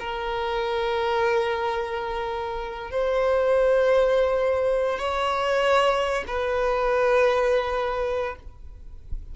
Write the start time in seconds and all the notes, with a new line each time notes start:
0.00 A#4
2.91 C5
4.99 C#5
6.27 B4